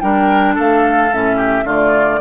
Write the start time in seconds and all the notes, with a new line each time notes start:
0.00 G3 D4 A#4 G5
0.55 A3 A4 F5
1.12 A2 C#4 E5
1.36 G4
1.64 D3 A3 F4 D5